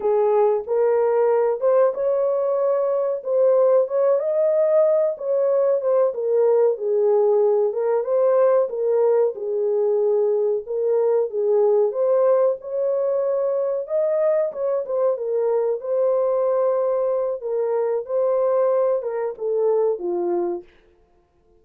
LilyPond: \new Staff \with { instrumentName = "horn" } { \time 4/4 \tempo 4 = 93 gis'4 ais'4. c''8 cis''4~ | cis''4 c''4 cis''8 dis''4. | cis''4 c''8 ais'4 gis'4. | ais'8 c''4 ais'4 gis'4.~ |
gis'8 ais'4 gis'4 c''4 cis''8~ | cis''4. dis''4 cis''8 c''8 ais'8~ | ais'8 c''2~ c''8 ais'4 | c''4. ais'8 a'4 f'4 | }